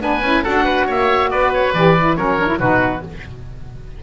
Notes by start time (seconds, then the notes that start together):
0.00 B3 D4 B4 G#5
0.22 C#4 E4
0.43 D4 F#4 A4 F#5
0.65 B4
0.87 A#3 C#5 E5
1.30 B3 B4 D5
1.54 C#5
1.74 E3 G4 D5
1.98 E4
2.16 F#3 C#4 A#4 C#5
2.39 D4
2.47 E4
2.59 B2 D#4 F#4 B4